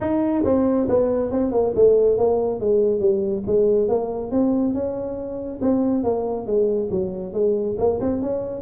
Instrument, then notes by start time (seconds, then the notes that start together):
tuba
0.00 D#4
0.44 C4
0.88 B3
1.31 C4
1.51 A#3
1.75 A3
2.17 A#3
2.60 G#3
3.00 G3
3.46 G#3
3.88 A#3
4.31 C4
4.74 C#4
5.61 C4
6.03 A#3
6.46 G#3
6.90 F#3
7.33 G#3
7.78 A#3
8.00 C4
8.22 C#4